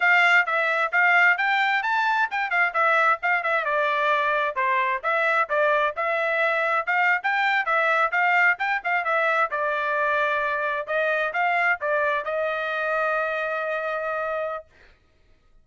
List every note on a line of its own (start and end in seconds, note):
0.00 0.45 F5
0.45 0.91 E5
0.92 1.37 F5
1.37 1.83 G5
1.83 2.28 A5
2.30 2.50 G5
2.50 2.73 F5
2.73 3.19 E5
3.22 3.43 F5
3.43 3.64 E5
3.64 4.55 D5
4.55 5.01 C5
5.03 5.48 E5
5.49 5.95 D5
5.96 6.86 E5
6.86 7.21 F5
7.23 7.65 G5
7.65 8.11 E5
8.11 8.57 F5
8.58 8.81 G5
8.84 9.04 F5
9.04 9.50 E5
9.50 10.87 D5
10.87 11.32 D#5
11.33 11.79 F5
11.80 12.25 D5
12.25 14.65 D#5